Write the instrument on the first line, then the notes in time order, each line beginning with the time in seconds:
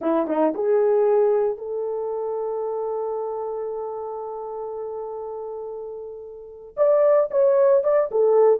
horn
0.01 E4
0.27 D#4
0.54 G#4
1.57 A4
6.76 D5
7.30 C#5
7.83 D5
8.11 A4